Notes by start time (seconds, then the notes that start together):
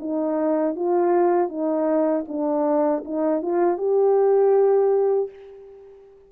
0.00 D#4
0.76 F4
1.49 D#4
2.29 D4
3.06 D#4
3.43 F4
3.78 G4